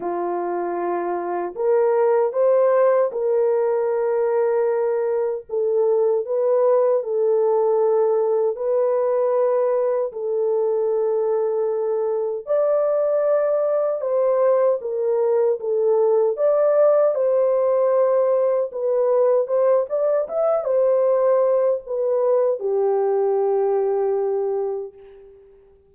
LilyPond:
\new Staff \with { instrumentName = "horn" } { \time 4/4 \tempo 4 = 77 f'2 ais'4 c''4 | ais'2. a'4 | b'4 a'2 b'4~ | b'4 a'2. |
d''2 c''4 ais'4 | a'4 d''4 c''2 | b'4 c''8 d''8 e''8 c''4. | b'4 g'2. | }